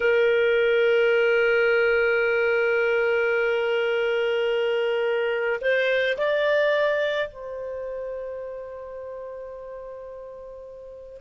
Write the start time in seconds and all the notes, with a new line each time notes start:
0.00 A#4
5.61 C5
6.17 D5
7.28 C5